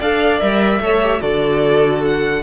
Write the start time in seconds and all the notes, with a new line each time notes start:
0.00 D4 A4 D5 F5
0.41 G3 A#4 E5
0.80 A3 A4 C#5
1.03 G4
1.21 D3 F#4 A4 D5
2.06 F#5